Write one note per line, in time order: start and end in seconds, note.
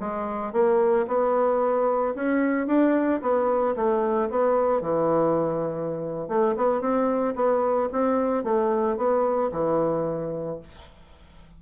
0.00 0.53 G#3
0.53 1.06 A#3
1.07 2.15 B3
2.15 2.67 C#4
2.67 3.20 D4
3.22 3.76 B3
3.76 4.30 A3
4.30 4.81 B3
4.81 6.28 E3
6.28 6.55 A3
6.57 6.81 B3
6.81 7.35 C4
7.36 7.89 B3
7.92 8.44 C4
8.44 8.97 A3
8.97 9.51 B3
9.52 10.59 E3